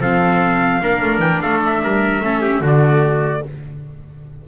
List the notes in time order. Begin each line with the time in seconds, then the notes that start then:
0.00 F3 C4 A4 F5
0.81 A#3 D4 A#4
1.02 A3
1.18 E3 G5
1.41 A3 A4 F5
1.66 E5
1.83 G3 A#4
2.21 A3 C#4 A4
2.42 G4
2.61 D3 A3 F#4 D5